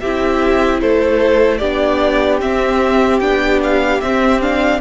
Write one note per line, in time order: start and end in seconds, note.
0.00 0.82 C4
0.00 1.61 E4
0.00 0.81 G4
0.00 0.80 E5
0.81 1.61 A3
0.81 1.58 A4
0.81 1.58 C5
1.58 2.41 B3
1.58 2.41 D4
1.58 4.78 G4
1.58 2.38 D5
2.41 3.21 C4
2.41 3.20 E5
3.20 4.00 B3
3.20 4.01 D4
3.20 3.60 G5
3.63 4.01 F5
4.01 4.81 C4
4.01 4.41 C4
4.01 4.41 E5
4.41 4.81 D4
4.41 4.81 F5